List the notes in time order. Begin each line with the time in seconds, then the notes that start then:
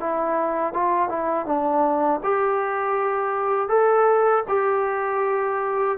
0.00 E4
0.73 F4
1.09 E4
1.46 D4
2.23 G4
3.69 A4
4.48 G4